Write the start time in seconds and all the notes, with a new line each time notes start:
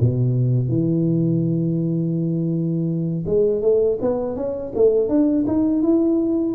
0.00 B2
0.68 E3
3.26 G#3
3.62 A3
4.01 B3
4.36 C#4
4.75 A3
5.09 D4
5.47 D#4
5.82 E4